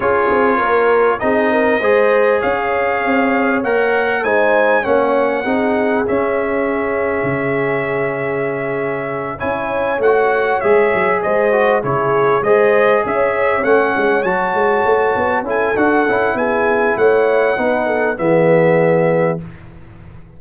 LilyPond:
<<
  \new Staff \with { instrumentName = "trumpet" } { \time 4/4 \tempo 4 = 99 cis''2 dis''2 | f''2 fis''4 gis''4 | fis''2 e''2~ | e''2.~ e''8 gis''8~ |
gis''8 fis''4 e''4 dis''4 cis''8~ | cis''8 dis''4 e''4 fis''4 a''8~ | a''4. gis''8 fis''4 gis''4 | fis''2 e''2 | }
  \new Staff \with { instrumentName = "horn" } { \time 4/4 gis'4 ais'4 gis'8 ais'8 c''4 | cis''2. c''4 | cis''4 gis'2.~ | gis'2.~ gis'8 cis''8~ |
cis''2~ cis''8 c''4 gis'8~ | gis'8 c''4 cis''2~ cis''8~ | cis''4. a'4. gis'4 | cis''4 b'8 a'8 gis'2 | }
  \new Staff \with { instrumentName = "trombone" } { \time 4/4 f'2 dis'4 gis'4~ | gis'2 ais'4 dis'4 | cis'4 dis'4 cis'2~ | cis'2.~ cis'8 e'8~ |
e'8 fis'4 gis'4. fis'8 e'8~ | e'8 gis'2 cis'4 fis'8~ | fis'4. e'8 fis'8 e'4.~ | e'4 dis'4 b2 | }
  \new Staff \with { instrumentName = "tuba" } { \time 4/4 cis'8 c'8 ais4 c'4 gis4 | cis'4 c'4 ais4 gis4 | ais4 c'4 cis'2 | cis2.~ cis8 cis'8~ |
cis'8 a4 gis8 fis8 gis4 cis8~ | cis8 gis4 cis'4 a8 gis8 fis8 | gis8 a8 b8 cis'8 d'8 cis'8 b4 | a4 b4 e2 | }
>>